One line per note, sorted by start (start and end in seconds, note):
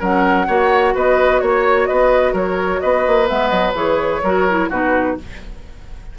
0.00 0.48 F#3
0.00 0.48 C#4
0.00 0.47 A#4
0.00 0.97 F#5
0.47 0.95 A#3
0.47 3.27 F#4
0.47 0.94 C#5
0.95 1.42 B3
0.95 1.42 B4
0.95 1.40 D#5
1.40 1.89 A#3
1.40 1.87 C#5
1.40 1.89 C#5
1.87 2.34 B3
1.87 2.33 B4
1.87 2.33 D#5
2.33 2.81 F#3
2.33 2.80 A#4
2.33 2.81 C#5
2.81 3.07 B3
2.81 4.23 B4
2.81 3.28 D#5
3.07 3.31 A#3
3.27 3.52 G#3
3.27 3.74 B3
3.27 3.49 E5
3.49 3.75 F#3
3.49 3.73 D#5
3.75 4.21 E3
3.75 4.22 G#4
3.75 4.71 C#5
4.24 4.71 F#3
4.24 4.49 F#4
4.24 4.70 A#4
4.50 4.71 E4
4.70 5.17 B2
4.70 5.18 D#4
4.70 5.16 F#4
4.70 5.19 B4